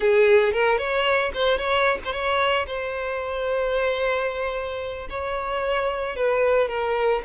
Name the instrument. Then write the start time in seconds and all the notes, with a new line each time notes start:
violin
0.00 G#4
0.52 A#4
0.78 C#5
1.34 C5
1.58 C#5
2.04 C5
2.12 C#5
2.66 C5
5.09 C#5
6.16 B4
6.68 A#4